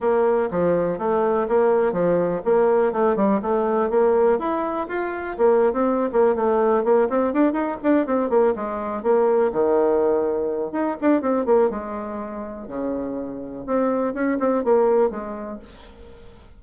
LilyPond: \new Staff \with { instrumentName = "bassoon" } { \time 4/4 \tempo 4 = 123 ais4 f4 a4 ais4 | f4 ais4 a8 g8 a4 | ais4 e'4 f'4 ais8. c'16~ | c'8 ais8 a4 ais8 c'8 d'8 dis'8 |
d'8 c'8 ais8 gis4 ais4 dis8~ | dis2 dis'8 d'8 c'8 ais8 | gis2 cis2 | c'4 cis'8 c'8 ais4 gis4 | }